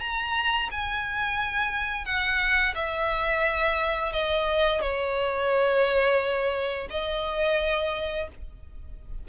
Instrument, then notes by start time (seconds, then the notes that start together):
violin
0.00 A#5
0.71 G#5
2.05 F#5
2.75 E5
4.12 D#5
4.81 C#5
6.90 D#5